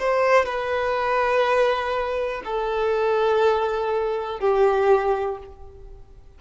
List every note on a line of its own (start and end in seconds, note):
0.00 0.46 C5
0.46 2.42 B4
2.45 4.40 A4
4.40 5.38 G4